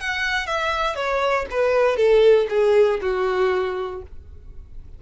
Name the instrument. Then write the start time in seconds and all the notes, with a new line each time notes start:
violin
0.00 F#5
0.46 E5
0.95 C#5
1.50 B4
1.96 A4
2.49 G#4
3.01 F#4